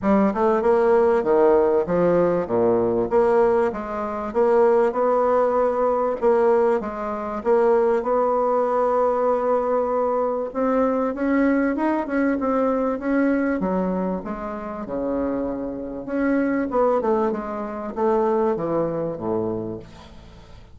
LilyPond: \new Staff \with { instrumentName = "bassoon" } { \time 4/4 \tempo 4 = 97 g8 a8 ais4 dis4 f4 | ais,4 ais4 gis4 ais4 | b2 ais4 gis4 | ais4 b2.~ |
b4 c'4 cis'4 dis'8 cis'8 | c'4 cis'4 fis4 gis4 | cis2 cis'4 b8 a8 | gis4 a4 e4 a,4 | }